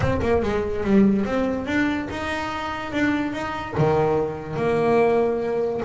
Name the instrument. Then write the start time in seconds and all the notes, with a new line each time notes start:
double bass
0.00 C4
0.22 A#3
0.42 G#3
0.84 G3
1.25 C4
1.66 D4
2.10 D#4
2.92 D4
3.32 D#4
3.77 D#3
4.56 A#3